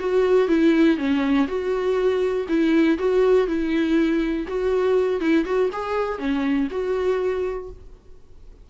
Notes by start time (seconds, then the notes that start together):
0.00 F#4
0.48 E4
0.98 C#4
1.48 F#4
2.49 E4
2.99 F#4
3.48 E4
4.48 F#4
5.20 E4
5.45 F#4
5.72 G#4
6.19 C#4
6.71 F#4